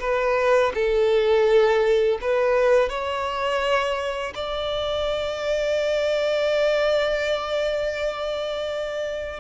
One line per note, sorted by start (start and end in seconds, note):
0.00 0.72 B4
0.74 2.19 A4
2.21 2.89 B4
2.89 4.34 C#5
4.35 9.40 D5